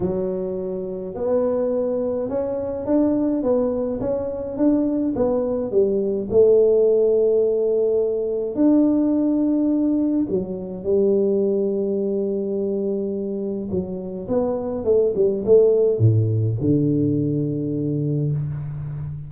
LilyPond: \new Staff \with { instrumentName = "tuba" } { \time 4/4 \tempo 4 = 105 fis2 b2 | cis'4 d'4 b4 cis'4 | d'4 b4 g4 a4~ | a2. d'4~ |
d'2 fis4 g4~ | g1 | fis4 b4 a8 g8 a4 | a,4 d2. | }